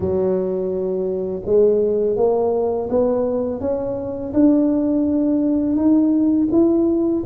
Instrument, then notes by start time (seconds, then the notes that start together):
tuba
0.00 F#3
1.45 G#3
2.16 A#3
2.89 B3
3.60 C#4
4.33 D4
5.75 D#4
6.51 E4